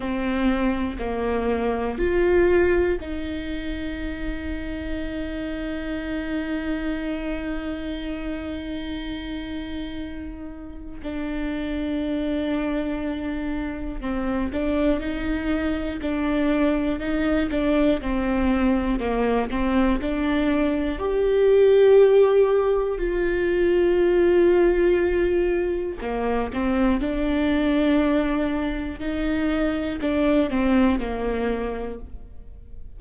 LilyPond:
\new Staff \with { instrumentName = "viola" } { \time 4/4 \tempo 4 = 60 c'4 ais4 f'4 dis'4~ | dis'1~ | dis'2. d'4~ | d'2 c'8 d'8 dis'4 |
d'4 dis'8 d'8 c'4 ais8 c'8 | d'4 g'2 f'4~ | f'2 ais8 c'8 d'4~ | d'4 dis'4 d'8 c'8 ais4 | }